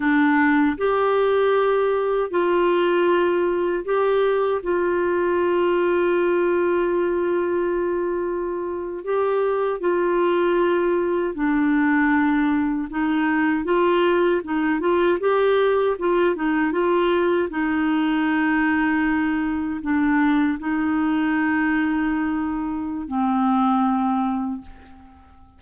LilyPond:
\new Staff \with { instrumentName = "clarinet" } { \time 4/4 \tempo 4 = 78 d'4 g'2 f'4~ | f'4 g'4 f'2~ | f'2.~ f'8. g'16~ | g'8. f'2 d'4~ d'16~ |
d'8. dis'4 f'4 dis'8 f'8 g'16~ | g'8. f'8 dis'8 f'4 dis'4~ dis'16~ | dis'4.~ dis'16 d'4 dis'4~ dis'16~ | dis'2 c'2 | }